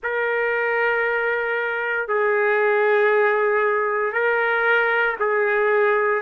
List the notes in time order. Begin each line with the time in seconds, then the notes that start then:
0.03 A#4
2.07 G#4
4.12 A#4
5.20 G#4